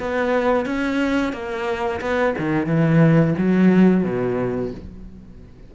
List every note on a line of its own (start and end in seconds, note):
0.00 0.66 B3
0.66 1.33 C#4
1.33 2.00 A#3
2.01 2.34 B3
2.38 2.67 D#3
2.67 3.34 E3
3.38 4.04 F#3
4.04 4.72 B2